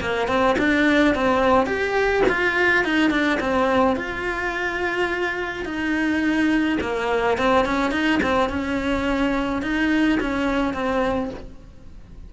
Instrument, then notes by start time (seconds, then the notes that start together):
cello
0.00 A#3
0.27 C4
0.58 D4
1.14 C4
1.66 G4
2.28 F4
2.84 D#4
3.10 D4
3.40 C4
3.95 F4
5.65 D#4
6.81 A#3
7.37 C4
7.65 C#4
7.91 D#4
8.22 C4
8.49 C#4
9.61 D#4
10.20 C#4
10.73 C4